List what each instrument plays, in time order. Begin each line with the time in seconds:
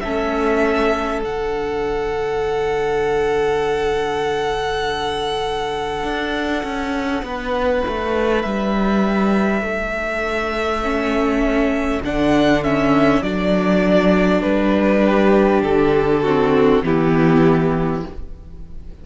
0.00 cello A3, viola C#4, violin A4 E5
1.21 cello D3, viola D4, violin F#5
6.03 cello D4
6.63 cello C#4
7.22 cello B3, violin B4
7.87 cello A3
8.42 cello G3, violin E5
9.61 cello A3, violin A4
10.82 viola C#4
12.02 cello D3, viola D4, violin F#5
12.63 viola C#4, violin E5
13.21 cello F#3, viola D4, violin D5
14.41 cello G3, violin B4
15.04 violin G4
15.62 cello D3, violin A4
16.22 viola C4, violin F#4
16.83 cello E3, viola B3, violin E4 G4